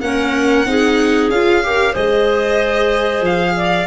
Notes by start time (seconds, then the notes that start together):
0.00 A#3 C#4 A#4 F#5
0.65 C4 D#4 G#4
1.29 C#4 F4 F5
1.63 G4 A#4
1.92 G#3 G#4 C5 D#5
3.21 F3 F5
3.56 D5